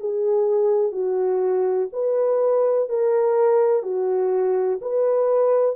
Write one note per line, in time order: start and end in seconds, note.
0.00 0.92 G#4
0.92 1.89 F#4
1.93 2.89 B4
2.89 3.83 A#4
3.83 4.80 F#4
4.82 5.76 B4